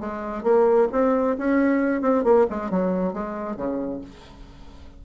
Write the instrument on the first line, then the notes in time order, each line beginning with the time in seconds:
bassoon
0.00 G#3
0.43 A#3
0.92 C4
1.38 C#4
2.02 C4
2.24 A#3
2.50 G#3
2.70 F#3
3.13 G#3
3.56 C#3